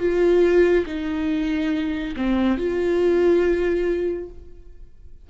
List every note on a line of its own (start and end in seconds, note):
0.00 0.86 F4
0.86 2.15 D#4
2.17 2.58 C4
2.58 4.30 F4